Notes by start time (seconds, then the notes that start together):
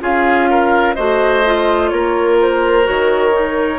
0.00 C#4 F4 G#4 F5
0.50 A#4
0.94 A3 F#4 C5 D#5
1.45 F4
1.89 A#3 A#4 C#5
2.41 C5
2.83 D#3 F#4 C#5
3.32 D#4